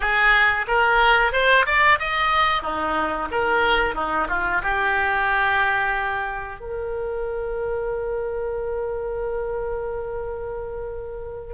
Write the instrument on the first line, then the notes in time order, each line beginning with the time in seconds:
oboe
0.00 G#4
0.67 A#4
1.32 C5
1.65 D5
1.99 D#5
2.62 D#4
3.31 A#4
3.94 D#4
4.29 F4
4.62 G4
6.59 A#4